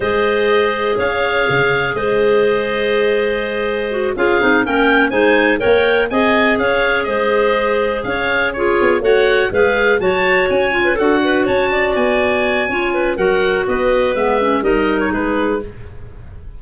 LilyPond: <<
  \new Staff \with { instrumentName = "oboe" } { \time 4/4 \tempo 4 = 123 dis''2 f''2 | dis''1~ | dis''8 f''4 g''4 gis''4 g''8~ | g''8 gis''4 f''4 dis''4.~ |
dis''8 f''4 cis''4 fis''4 f''8~ | f''8 a''4 gis''4 fis''4 a''8~ | a''8 gis''2~ gis''8 fis''4 | dis''4 e''4 dis''8. cis''16 b'4 | }
  \new Staff \with { instrumentName = "clarinet" } { \time 4/4 c''2 cis''2 | c''1~ | c''8 gis'4 ais'4 c''4 cis''8~ | cis''8 dis''4 cis''4 c''4.~ |
c''8 cis''4 gis'4 cis''4 b'8~ | b'8 cis''4.~ cis''16 b'16 a'8 b'8 cis''8 | d''2 cis''8 b'8 ais'4 | b'2 ais'4 gis'4 | }
  \new Staff \with { instrumentName = "clarinet" } { \time 4/4 gis'1~ | gis'1 | fis'8 f'8 dis'8 cis'4 dis'4 ais'8~ | ais'8 gis'2.~ gis'8~ |
gis'4. f'4 fis'4 gis'8~ | gis'8 fis'4. f'8 fis'4.~ | fis'2 f'4 fis'4~ | fis'4 b8 cis'8 dis'2 | }
  \new Staff \with { instrumentName = "tuba" } { \time 4/4 gis2 cis'4 cis4 | gis1~ | gis8 cis'8 c'8 ais4 gis4 ais8~ | ais8 c'4 cis'4 gis4.~ |
gis8 cis'4. b8 a4 gis8~ | gis8 fis4 cis'4 d'4 cis'8~ | cis'8 b4. cis'4 fis4 | b4 gis4 g4 gis4 | }
>>